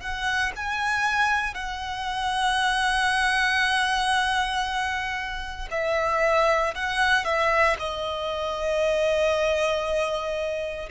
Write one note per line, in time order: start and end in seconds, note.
0.00 0.52 F#5
0.56 1.54 G#5
1.54 5.68 F#5
5.71 6.74 E5
6.75 7.25 F#5
7.25 7.76 E5
7.79 10.89 D#5